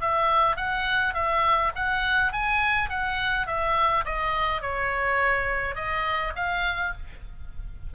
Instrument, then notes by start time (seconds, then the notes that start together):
oboe
0.00 E5
0.56 F#5
1.14 E5
1.75 F#5
2.32 G#5
2.90 F#5
3.46 E5
4.05 D#5
4.62 C#5
5.75 D#5
6.35 F5